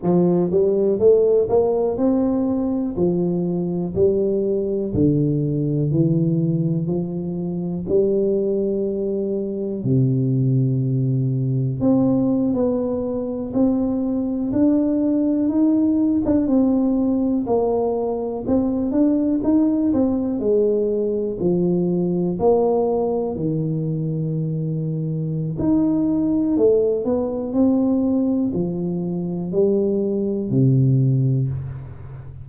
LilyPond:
\new Staff \with { instrumentName = "tuba" } { \time 4/4 \tempo 4 = 61 f8 g8 a8 ais8 c'4 f4 | g4 d4 e4 f4 | g2 c2 | c'8. b4 c'4 d'4 dis'16~ |
dis'8 d'16 c'4 ais4 c'8 d'8 dis'16~ | dis'16 c'8 gis4 f4 ais4 dis16~ | dis2 dis'4 a8 b8 | c'4 f4 g4 c4 | }